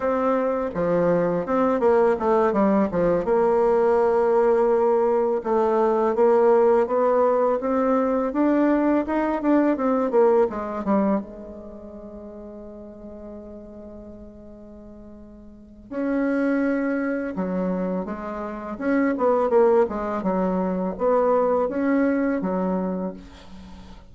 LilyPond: \new Staff \with { instrumentName = "bassoon" } { \time 4/4 \tempo 4 = 83 c'4 f4 c'8 ais8 a8 g8 | f8 ais2. a8~ | a8 ais4 b4 c'4 d'8~ | d'8 dis'8 d'8 c'8 ais8 gis8 g8 gis8~ |
gis1~ | gis2 cis'2 | fis4 gis4 cis'8 b8 ais8 gis8 | fis4 b4 cis'4 fis4 | }